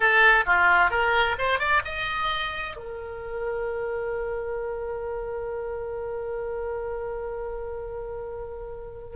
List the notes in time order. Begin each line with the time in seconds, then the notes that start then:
0.00 A4
0.46 F4
0.90 A#4
1.38 C5
1.59 D5
1.84 D#5
2.76 A#4